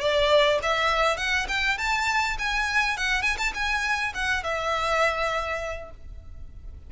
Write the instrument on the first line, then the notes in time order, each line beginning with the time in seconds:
violin
0.00 D5
0.63 E5
1.17 F#5
1.48 G5
1.78 A5
2.39 G#5
2.97 F#5
3.22 G#5
3.38 A5
3.54 G#5
4.14 F#5
4.44 E5